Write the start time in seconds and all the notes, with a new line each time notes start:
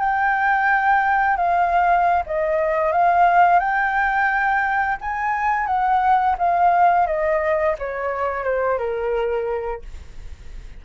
0.00 G5
1.37 F5
2.27 D#5
2.93 F5
3.60 G5
5.01 G#5
5.67 F#5
6.39 F5
7.07 D#5
7.79 C#5
8.44 C5
8.79 A#4